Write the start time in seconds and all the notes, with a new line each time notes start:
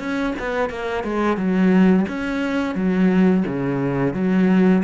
0.00 C#4
0.39 B3
0.70 A#3
1.04 G#3
1.37 F#3
2.09 C#4
2.75 F#3
3.47 C#3
4.14 F#3